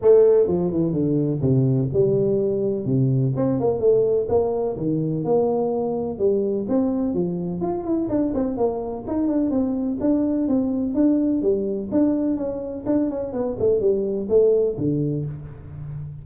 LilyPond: \new Staff \with { instrumentName = "tuba" } { \time 4/4 \tempo 4 = 126 a4 f8 e8 d4 c4 | g2 c4 c'8 ais8 | a4 ais4 dis4 ais4~ | ais4 g4 c'4 f4 |
f'8 e'8 d'8 c'8 ais4 dis'8 d'8 | c'4 d'4 c'4 d'4 | g4 d'4 cis'4 d'8 cis'8 | b8 a8 g4 a4 d4 | }